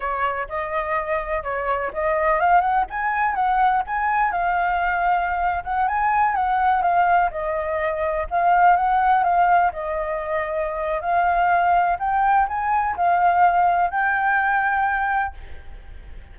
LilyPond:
\new Staff \with { instrumentName = "flute" } { \time 4/4 \tempo 4 = 125 cis''4 dis''2 cis''4 | dis''4 f''8 fis''8 gis''4 fis''4 | gis''4 f''2~ f''8. fis''16~ | fis''16 gis''4 fis''4 f''4 dis''8.~ |
dis''4~ dis''16 f''4 fis''4 f''8.~ | f''16 dis''2~ dis''8. f''4~ | f''4 g''4 gis''4 f''4~ | f''4 g''2. | }